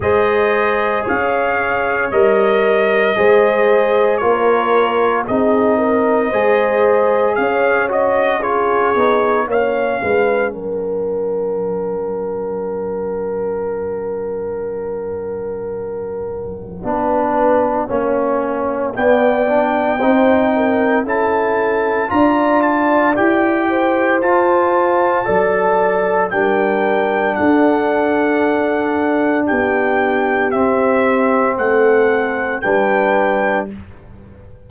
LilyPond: <<
  \new Staff \with { instrumentName = "trumpet" } { \time 4/4 \tempo 4 = 57 dis''4 f''4 dis''2 | cis''4 dis''2 f''8 dis''8 | cis''4 f''4 fis''2~ | fis''1~ |
fis''2 g''2 | a''4 ais''8 a''8 g''4 a''4~ | a''4 g''4 fis''2 | g''4 e''4 fis''4 g''4 | }
  \new Staff \with { instrumentName = "horn" } { \time 4/4 c''4 cis''2 c''4 | ais'4 gis'8 ais'8 c''4 cis''4 | gis'4 cis''8 b'8 ais'2~ | ais'1 |
b'4 cis''4 d''4 c''8 ais'8 | a'4 d''4. c''4. | d''4 ais'4 a'2 | g'2 a'4 b'4 | }
  \new Staff \with { instrumentName = "trombone" } { \time 4/4 gis'2 ais'4 gis'4 | f'4 dis'4 gis'4. fis'8 | f'8 dis'8 cis'2.~ | cis'1 |
d'4 cis'4 b8 d'8 dis'4 | e'4 f'4 g'4 f'4 | a'4 d'2.~ | d'4 c'2 d'4 | }
  \new Staff \with { instrumentName = "tuba" } { \time 4/4 gis4 cis'4 g4 gis4 | ais4 c'4 gis4 cis'4~ | cis'8 b8 ais8 gis8 fis2~ | fis1 |
b4 ais4 b4 c'4 | cis'4 d'4 e'4 f'4 | fis4 g4 d'2 | b4 c'4 a4 g4 | }
>>